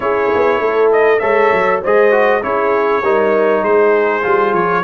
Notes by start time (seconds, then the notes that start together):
0.00 C#4 E4 G#4 C#5
0.34 B3
0.60 A3 A4
0.92 D#5
1.19 G#3 A4 C#5 E5
1.52 F#3
1.82 G#3 G#4 C5 D#5
2.11 F#4
2.42 C#4 E4 G#4 C#5
3.02 G3 D#4 A#4
3.61 G#3 G#4 C5
4.22 G3 F4
4.53 F3 C#5